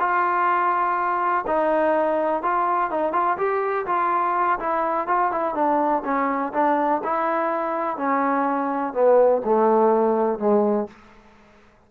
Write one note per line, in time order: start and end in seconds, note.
0.00 1.45 F4
1.47 2.43 D#4
2.43 2.91 F4
2.91 3.13 D#4
3.13 3.37 F4
3.38 3.86 G4
3.87 4.59 F4
4.59 5.08 E4
5.08 5.32 F4
5.32 5.55 E4
5.55 6.03 D4
6.04 6.53 C#4
6.54 7.02 D4
7.04 7.97 E4
7.97 8.94 C#4
8.94 9.42 B3
9.45 10.39 A3
10.39 10.88 G#3